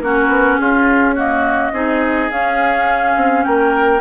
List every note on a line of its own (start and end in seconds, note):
0.00 0.28 A#3
0.00 1.15 C#4
0.00 0.60 F#4
0.00 0.57 A#4
0.28 0.57 B3
0.57 1.72 C#4
0.57 1.15 F4
0.57 1.15 G#4
1.15 1.73 A#3
1.15 1.72 F#4
1.15 2.31 D#5
1.72 2.29 C4
1.72 2.30 D#4
1.72 3.45 G#4
2.30 4.01 C#4
2.30 3.16 C#4
2.30 3.44 F5
3.16 3.44 C4
3.44 4.01 A#3
3.44 4.01 A#4
3.44 4.01 G5